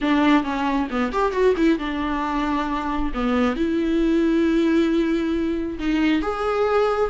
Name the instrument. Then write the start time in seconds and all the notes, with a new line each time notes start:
viola
0.01 D4
0.43 C#4
0.90 B3
1.12 G4
1.32 F#4
1.57 E4
1.78 D4
3.14 B3
3.56 E4
5.78 D#4
6.22 G#4